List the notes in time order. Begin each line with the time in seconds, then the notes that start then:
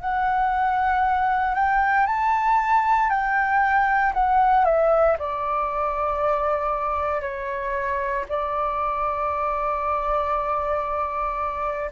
0.00 F#5
1.55 G5
2.06 A5
3.10 G5
4.14 F#5
4.65 E5
5.19 D5
7.22 C#5
8.29 D5